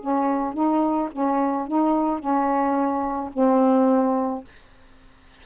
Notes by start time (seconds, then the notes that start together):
0.00 C#4
0.53 D#4
1.12 C#4
1.67 D#4
2.19 C#4
3.33 C4